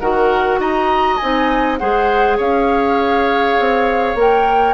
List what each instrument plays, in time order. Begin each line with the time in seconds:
0.00 bassoon D#3, clarinet F#4, oboe A#4, flute F#5
0.59 bassoon D#4, oboe D#5, flute A#5
1.17 bassoon C4, clarinet D#4, flute G#5
1.78 bassoon G#3, clarinet G#4, oboe C5, flute F#5
2.37 bassoon C#4, oboe C#5, flute F5
3.60 bassoon C4
4.15 bassoon A#3, clarinet A#4, flute G5